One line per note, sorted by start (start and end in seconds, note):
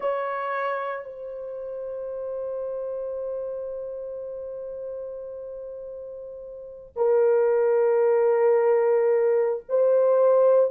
0.00 1.05 C#5
1.05 6.94 C5
6.95 9.63 A#4
9.68 10.70 C5